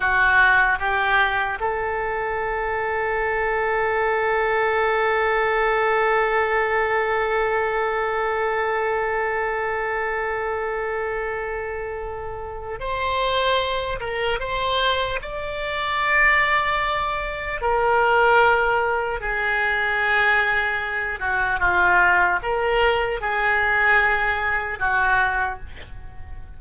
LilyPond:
\new Staff \with { instrumentName = "oboe" } { \time 4/4 \tempo 4 = 75 fis'4 g'4 a'2~ | a'1~ | a'1~ | a'1 |
c''4. ais'8 c''4 d''4~ | d''2 ais'2 | gis'2~ gis'8 fis'8 f'4 | ais'4 gis'2 fis'4 | }